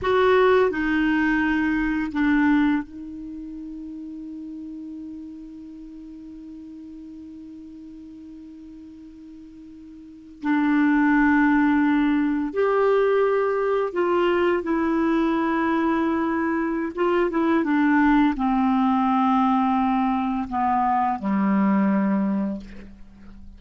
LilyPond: \new Staff \with { instrumentName = "clarinet" } { \time 4/4 \tempo 4 = 85 fis'4 dis'2 d'4 | dis'1~ | dis'1~ | dis'2~ dis'8. d'4~ d'16~ |
d'4.~ d'16 g'2 f'16~ | f'8. e'2.~ e'16 | f'8 e'8 d'4 c'2~ | c'4 b4 g2 | }